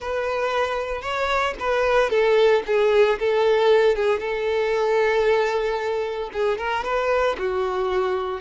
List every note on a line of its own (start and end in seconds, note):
0.00 1.01 B4
1.01 1.54 C#5
1.59 2.10 B4
2.10 2.62 A4
2.66 3.18 G#4
3.19 3.95 A4
3.95 4.19 G#4
4.19 6.30 A4
6.33 6.57 G#4
6.57 6.83 A#4
6.83 7.36 B4
7.38 8.40 F#4